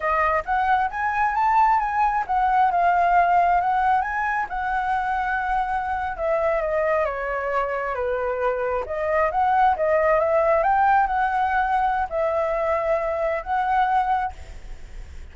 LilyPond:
\new Staff \with { instrumentName = "flute" } { \time 4/4 \tempo 4 = 134 dis''4 fis''4 gis''4 a''4 | gis''4 fis''4 f''2 | fis''4 gis''4 fis''2~ | fis''4.~ fis''16 e''4 dis''4 cis''16~ |
cis''4.~ cis''16 b'2 dis''16~ | dis''8. fis''4 dis''4 e''4 g''16~ | g''8. fis''2~ fis''16 e''4~ | e''2 fis''2 | }